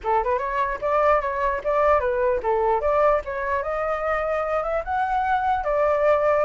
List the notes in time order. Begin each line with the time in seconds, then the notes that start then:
0.03 A4
0.23 B4
0.38 C#5
0.81 D5
1.21 C#5
1.63 D5
1.99 B4
2.43 A4
2.80 D5
3.24 C#5
3.62 D#5
4.63 E5
4.84 F#5
5.63 D5